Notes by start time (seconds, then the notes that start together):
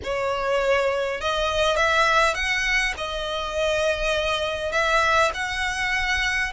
0.03 C#5
1.20 D#5
1.76 E5
2.34 F#5
2.97 D#5
4.71 E5
5.34 F#5